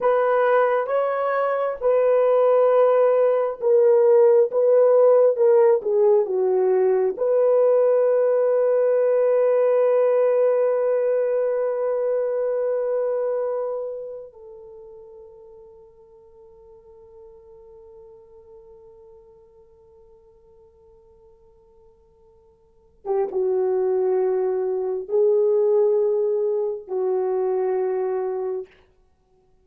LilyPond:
\new Staff \with { instrumentName = "horn" } { \time 4/4 \tempo 4 = 67 b'4 cis''4 b'2 | ais'4 b'4 ais'8 gis'8 fis'4 | b'1~ | b'1 |
a'1~ | a'1~ | a'4.~ a'16 g'16 fis'2 | gis'2 fis'2 | }